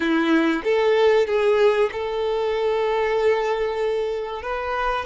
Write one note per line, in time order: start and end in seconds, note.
0.00 0.62 E4
0.64 1.27 A4
1.27 1.90 G#4
1.91 4.42 A4
4.42 5.05 B4